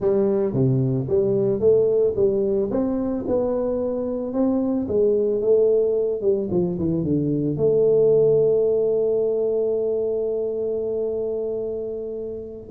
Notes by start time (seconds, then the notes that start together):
0.00 G3
0.53 C3
1.08 G3
1.60 A3
2.16 G3
2.70 C4
3.27 B3
4.33 C4
4.88 G#3
5.41 A3
6.21 G3
6.50 F3
6.78 E3
7.03 D3
7.56 A3